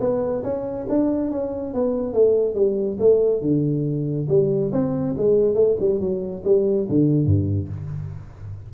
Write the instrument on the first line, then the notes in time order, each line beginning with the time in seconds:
tuba
0.00 B3
0.43 C#4
0.89 D4
1.31 C#4
1.74 B3
2.13 A3
2.54 G3
2.99 A3
3.41 D3
4.28 G3
4.72 C4
5.17 G#3
5.55 A3
5.80 G3
6.00 F#3
6.45 G3
6.89 D3
7.25 G2